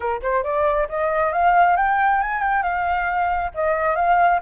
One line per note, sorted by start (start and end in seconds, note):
0.00 0.21 A#4
0.21 0.43 C5
0.43 0.87 D5
0.88 1.32 D#5
1.32 1.76 F5
1.76 2.20 G5
2.21 2.41 G#5
2.41 2.62 G5
2.62 3.51 F5
3.54 3.95 D#5
3.95 4.39 F5